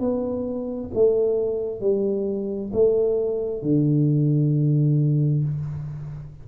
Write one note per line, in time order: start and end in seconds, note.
0.00 0.91 B3
0.94 1.81 A3
1.81 2.71 G3
2.74 3.62 A3
3.62 5.44 D3